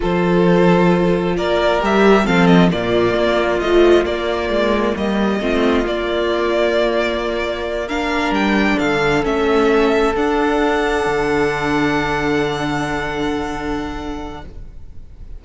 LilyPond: <<
  \new Staff \with { instrumentName = "violin" } { \time 4/4 \tempo 4 = 133 c''2. d''4 | e''4 f''8 dis''8 d''2 | dis''4 d''2 dis''4~ | dis''4 d''2.~ |
d''4. f''4 g''4 f''8~ | f''8 e''2 fis''4.~ | fis''1~ | fis''1 | }
  \new Staff \with { instrumentName = "violin" } { \time 4/4 a'2. ais'4~ | ais'4 a'4 f'2~ | f'2. g'4 | f'1~ |
f'4. ais'2 a'8~ | a'1~ | a'1~ | a'1 | }
  \new Staff \with { instrumentName = "viola" } { \time 4/4 f'1 | g'4 c'4 ais2 | f4 ais2. | c'4 ais2.~ |
ais4. d'2~ d'8~ | d'8 cis'2 d'4.~ | d'1~ | d'1 | }
  \new Staff \with { instrumentName = "cello" } { \time 4/4 f2. ais4 | g4 f4 ais,4 ais4 | a4 ais4 gis4 g4 | a4 ais2.~ |
ais2~ ais8 g4 d8~ | d8 a2 d'4.~ | d'8 d2.~ d8~ | d1 | }
>>